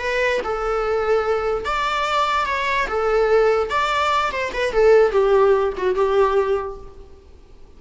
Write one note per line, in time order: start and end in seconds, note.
0.00 0.41 B4
0.44 1.66 A4
1.66 2.46 D5
2.46 2.87 C#5
2.88 3.70 A4
3.70 4.32 D5
4.32 4.53 C5
4.54 4.73 B4
4.73 5.12 A4
5.12 5.73 G4
5.78 5.96 F#4
5.96 6.78 G4